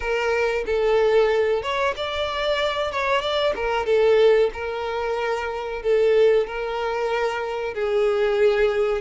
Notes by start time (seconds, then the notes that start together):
0.00 A#4
0.66 A4
1.62 C#5
1.96 D5
2.91 C#5
3.21 D5
3.55 A#4
3.85 A4
4.53 A#4
5.82 A4
6.46 A#4
7.74 G#4